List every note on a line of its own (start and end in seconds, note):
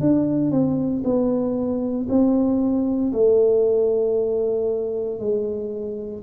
0.00 0.51 D4
0.51 1.03 C4
1.04 2.07 B3
2.09 3.12 C4
3.12 5.19 A3
5.19 6.23 G#3